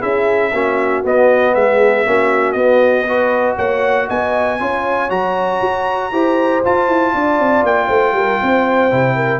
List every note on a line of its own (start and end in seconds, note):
0.00 0.52 C#4
0.00 0.51 E4
0.00 0.51 G#4
0.00 1.03 E5
0.52 1.03 A#3
0.52 1.04 C#4
0.52 1.54 F#4
1.04 2.05 B3
1.04 1.54 B3
1.04 1.54 D#5
1.54 2.05 G#3
1.54 2.06 G#4
1.54 2.52 E5
2.05 2.54 A#3
2.05 2.56 C#4
2.05 3.06 F#4
2.52 3.56 B3
2.52 3.07 B3
2.52 3.53 D#5
3.06 4.59 F#4
3.06 3.56 B4
3.56 4.08 A#3
3.56 4.06 C#5
3.56 4.08 F#5
4.07 4.60 B3
4.07 4.58 D#5
4.07 5.10 G#5
4.59 5.10 C#4
4.59 5.09 F4
4.59 6.12 C#5
5.09 5.61 F#3
5.09 6.11 F#4
5.09 6.62 A#5
5.61 6.12 F#4
6.12 6.63 E4
6.12 6.63 G4
6.12 7.13 C5
6.64 8.90 F4
6.64 6.87 F4
6.64 7.65 A5
6.87 7.12 E4
7.13 7.39 D4
7.13 7.87 D5
7.39 7.62 C4
7.62 7.87 A#3
7.62 9.40 G5
7.87 8.12 A3
7.87 8.12 C5
8.12 8.37 G3
8.12 8.41 A#4
8.42 8.91 C4
8.42 9.15 C5
8.90 9.40 C3
8.90 9.40 E4
9.15 9.40 A#4